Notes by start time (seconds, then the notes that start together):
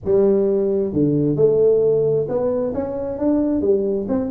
0.04 G3
0.92 D3
1.36 A3
2.28 B3
2.74 C#4
3.18 D4
3.61 G3
4.08 C4